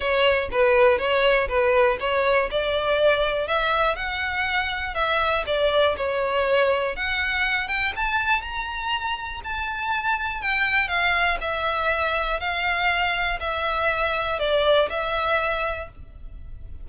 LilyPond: \new Staff \with { instrumentName = "violin" } { \time 4/4 \tempo 4 = 121 cis''4 b'4 cis''4 b'4 | cis''4 d''2 e''4 | fis''2 e''4 d''4 | cis''2 fis''4. g''8 |
a''4 ais''2 a''4~ | a''4 g''4 f''4 e''4~ | e''4 f''2 e''4~ | e''4 d''4 e''2 | }